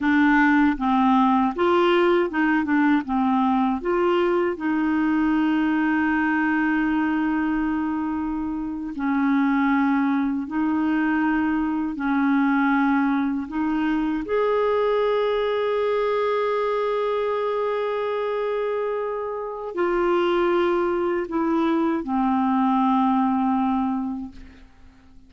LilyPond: \new Staff \with { instrumentName = "clarinet" } { \time 4/4 \tempo 4 = 79 d'4 c'4 f'4 dis'8 d'8 | c'4 f'4 dis'2~ | dis'2.~ dis'8. cis'16~ | cis'4.~ cis'16 dis'2 cis'16~ |
cis'4.~ cis'16 dis'4 gis'4~ gis'16~ | gis'1~ | gis'2 f'2 | e'4 c'2. | }